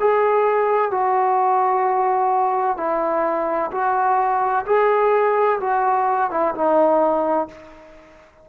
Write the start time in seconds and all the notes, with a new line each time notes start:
0.00 G#4
0.91 F#4
2.77 E4
3.72 F#4
4.66 G#4
5.60 F#4
6.31 E4
6.55 D#4